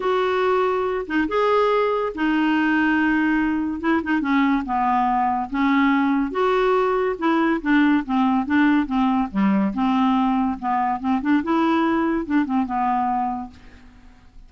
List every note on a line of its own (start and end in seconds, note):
0.00 1.06 F#4
1.06 1.27 D#4
1.28 2.12 G#4
2.14 3.80 D#4
3.80 4.01 E4
4.03 4.20 D#4
4.20 4.63 C#4
4.65 5.49 B3
5.50 6.31 C#4
6.31 7.15 F#4
7.18 7.60 E4
7.61 8.04 D4
8.05 8.46 C4
8.46 8.86 D4
8.86 9.28 C4
9.31 9.73 G3
9.74 10.58 C4
10.59 11.00 B3
11.00 11.21 C4
11.21 11.42 D4
11.43 12.25 E4
12.25 12.45 D4
12.45 12.65 C4
12.65 13.50 B3